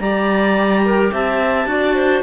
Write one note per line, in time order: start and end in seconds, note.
0.00 1.11 G3
0.00 1.68 G4
0.00 0.84 D5
0.00 1.11 A#5
0.85 1.13 A#4
1.13 1.66 C4
1.13 1.68 E5
1.13 2.23 A5
1.66 2.22 D4
1.66 2.23 F#4
1.66 1.96 D5
1.96 2.23 C5